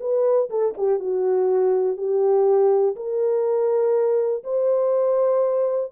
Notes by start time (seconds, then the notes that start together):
0.00 B4
0.50 A4
0.77 G4
0.99 F#4
1.97 G4
2.96 A#4
4.44 C5